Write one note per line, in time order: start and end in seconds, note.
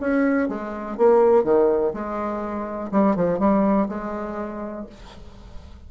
0.00 0.48 C#4
0.48 0.97 G#3
0.97 1.44 A#3
1.44 1.92 D#3
1.93 2.91 G#3
2.91 3.16 G3
3.16 3.39 F3
3.39 3.88 G3
3.88 4.86 G#3